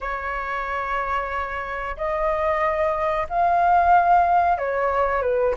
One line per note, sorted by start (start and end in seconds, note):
0.01 1.96 C#5
1.96 3.27 D#5
3.29 4.57 F5
4.57 5.22 C#5
5.22 5.54 B4